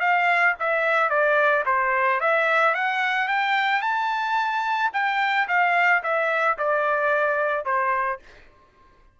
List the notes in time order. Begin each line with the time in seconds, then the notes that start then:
0.00 F5
0.60 E5
1.09 D5
1.66 C5
2.20 E5
2.74 F#5
3.28 G5
3.82 A5
4.93 G5
5.48 F5
6.03 E5
6.58 D5
7.65 C5